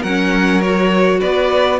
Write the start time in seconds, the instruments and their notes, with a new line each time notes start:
0.00 cello F#3, viola C#4, violin A#4 F#5
0.61 viola F#4, violin C#5
1.20 cello B3, violin B4 D5